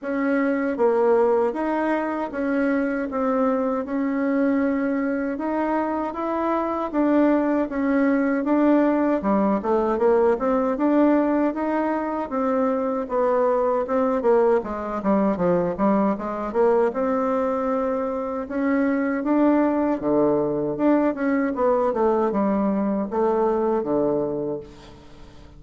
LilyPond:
\new Staff \with { instrumentName = "bassoon" } { \time 4/4 \tempo 4 = 78 cis'4 ais4 dis'4 cis'4 | c'4 cis'2 dis'4 | e'4 d'4 cis'4 d'4 | g8 a8 ais8 c'8 d'4 dis'4 |
c'4 b4 c'8 ais8 gis8 g8 | f8 g8 gis8 ais8 c'2 | cis'4 d'4 d4 d'8 cis'8 | b8 a8 g4 a4 d4 | }